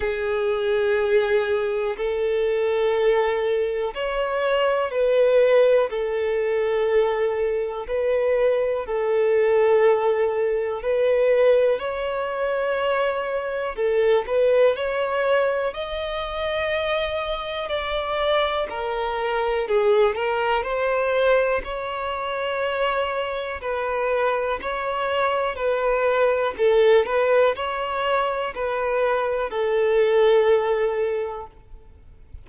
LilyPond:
\new Staff \with { instrumentName = "violin" } { \time 4/4 \tempo 4 = 61 gis'2 a'2 | cis''4 b'4 a'2 | b'4 a'2 b'4 | cis''2 a'8 b'8 cis''4 |
dis''2 d''4 ais'4 | gis'8 ais'8 c''4 cis''2 | b'4 cis''4 b'4 a'8 b'8 | cis''4 b'4 a'2 | }